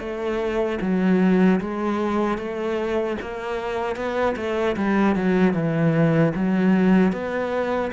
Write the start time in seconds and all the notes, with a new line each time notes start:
0.00 A3
0.81 F#3
1.60 G#3
2.38 A3
3.21 A#3
3.96 B3
4.37 A3
4.77 G3
5.16 F#3
5.54 E3
6.36 F#3
7.13 B3